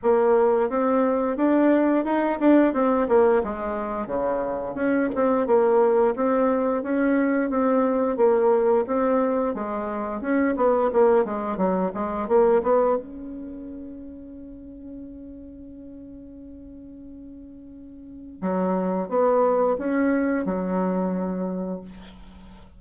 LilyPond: \new Staff \with { instrumentName = "bassoon" } { \time 4/4 \tempo 4 = 88 ais4 c'4 d'4 dis'8 d'8 | c'8 ais8 gis4 cis4 cis'8 c'8 | ais4 c'4 cis'4 c'4 | ais4 c'4 gis4 cis'8 b8 |
ais8 gis8 fis8 gis8 ais8 b8 cis'4~ | cis'1~ | cis'2. fis4 | b4 cis'4 fis2 | }